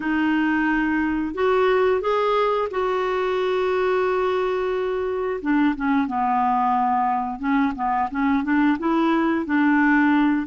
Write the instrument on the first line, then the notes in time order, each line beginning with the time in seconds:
clarinet
0.00 D#4
1.34 F#4
2.01 G#4
2.70 F#4
5.41 D4
5.75 C#4
6.07 B3
7.39 C#4
7.75 B3
8.11 C#4
8.43 D4
8.79 E4
9.45 D4